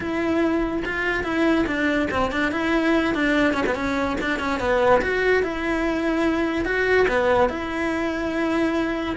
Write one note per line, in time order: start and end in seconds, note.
0.00 0.83 E4
0.85 1.23 F4
1.23 1.65 E4
1.66 2.08 D4
2.10 2.31 C4
2.31 2.51 D4
2.51 3.14 E4
3.14 3.53 D4
3.53 3.64 C#4
3.66 3.75 B3
3.75 4.16 C#4
4.21 4.39 D4
4.39 4.59 C#4
4.59 5.01 B3
5.01 5.42 F#4
5.42 6.65 E4
6.65 7.06 F#4
7.08 7.49 B3
7.49 9.16 E4